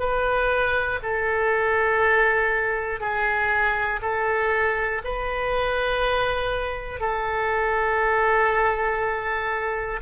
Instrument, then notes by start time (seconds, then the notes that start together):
oboe
0.00 B4
1.03 A4
3.01 G#4
4.02 A4
5.05 B4
7.01 A4